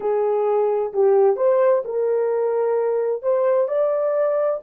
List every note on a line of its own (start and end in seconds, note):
0.00 0.92 G#4
0.93 1.36 G4
1.36 1.82 C5
1.85 3.22 A#4
3.22 3.68 C5
3.68 4.60 D5